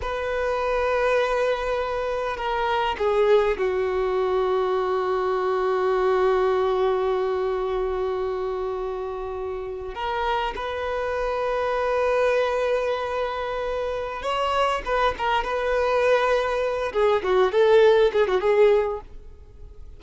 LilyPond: \new Staff \with { instrumentName = "violin" } { \time 4/4 \tempo 4 = 101 b'1 | ais'4 gis'4 fis'2~ | fis'1~ | fis'1~ |
fis'8. ais'4 b'2~ b'16~ | b'1 | cis''4 b'8 ais'8 b'2~ | b'8 gis'8 fis'8 a'4 gis'16 fis'16 gis'4 | }